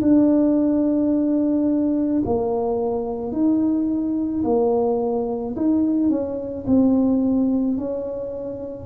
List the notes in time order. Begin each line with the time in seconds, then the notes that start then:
0.00 D4
2.25 A#3
3.32 D#4
4.43 A#3
5.56 D#4
6.09 C#4
6.66 C4
7.77 C#4